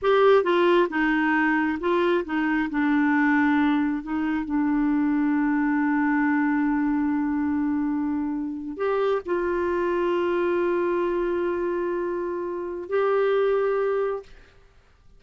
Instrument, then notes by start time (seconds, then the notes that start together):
clarinet
0.01 G4
0.43 F4
0.89 D#4
1.80 F4
2.24 D#4
2.70 D4
4.02 D#4
4.45 D4
8.77 G4
9.25 F4
12.89 G4